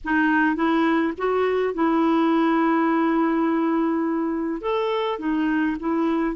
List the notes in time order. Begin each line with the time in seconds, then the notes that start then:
0.04 D#4
0.55 E4
1.17 F#4
1.74 E4
4.61 A4
5.18 D#4
5.79 E4